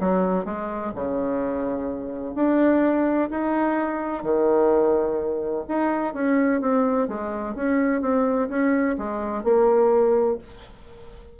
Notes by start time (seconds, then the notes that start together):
0.00 F#3
0.45 G#3
0.95 C#3
2.35 D4
3.30 D#4
4.23 D#3
5.68 D#4
6.14 C#4
6.61 C4
7.08 G#3
7.55 C#4
8.01 C4
8.49 C#4
8.98 G#3
9.44 A#3